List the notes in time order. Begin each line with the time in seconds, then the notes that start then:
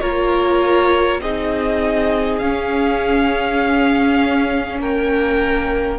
0.00 A#3 F4 A#4 C#5
1.21 C4 D#4 G#4 D#5
2.39 C#4 F5
4.79 A#3 A#4 G5